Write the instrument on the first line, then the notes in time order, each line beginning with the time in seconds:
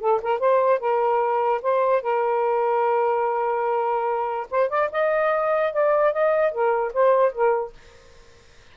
saxophone
0.00 A4
0.22 A#4
0.39 C5
0.79 A#4
1.62 C5
2.02 A#4
4.51 C5
4.69 D5
4.92 D#5
5.73 D5
6.13 D#5
6.52 A#4
6.93 C5
7.32 A#4